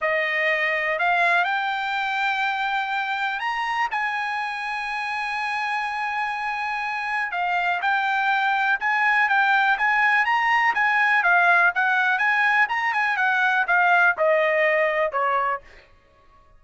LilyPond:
\new Staff \with { instrumentName = "trumpet" } { \time 4/4 \tempo 4 = 123 dis''2 f''4 g''4~ | g''2. ais''4 | gis''1~ | gis''2. f''4 |
g''2 gis''4 g''4 | gis''4 ais''4 gis''4 f''4 | fis''4 gis''4 ais''8 gis''8 fis''4 | f''4 dis''2 cis''4 | }